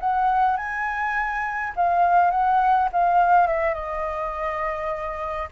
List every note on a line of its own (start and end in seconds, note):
0.00 0.57 F#5
0.57 1.73 G#5
1.76 2.31 F5
2.31 2.89 F#5
2.92 3.47 F5
3.47 3.74 E5
3.74 5.49 D#5